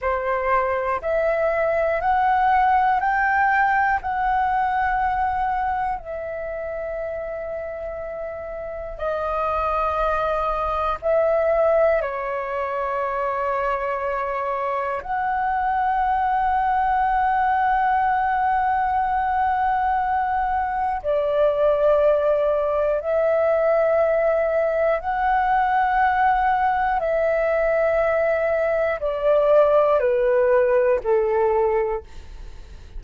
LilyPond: \new Staff \with { instrumentName = "flute" } { \time 4/4 \tempo 4 = 60 c''4 e''4 fis''4 g''4 | fis''2 e''2~ | e''4 dis''2 e''4 | cis''2. fis''4~ |
fis''1~ | fis''4 d''2 e''4~ | e''4 fis''2 e''4~ | e''4 d''4 b'4 a'4 | }